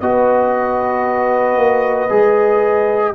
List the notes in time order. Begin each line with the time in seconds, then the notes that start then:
0.00 B3 F#4 B4 D#5
1.56 A#3
2.09 G#3 G#4